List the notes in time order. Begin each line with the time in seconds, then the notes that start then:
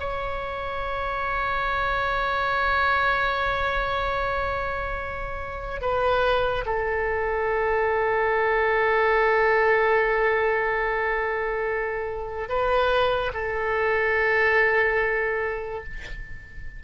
0.00 C#5
5.81 B4
6.66 A4
12.49 B4
13.34 A4